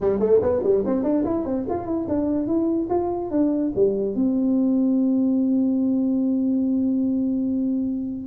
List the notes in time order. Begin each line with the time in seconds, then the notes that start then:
0.00 G3
0.19 A3
0.41 B3
0.63 G3
0.85 C4
1.03 D4
1.24 E4
1.45 C4
1.69 F4
1.85 E4
2.08 D4
2.46 E4
2.89 F4
3.30 D4
3.75 G3
4.15 C4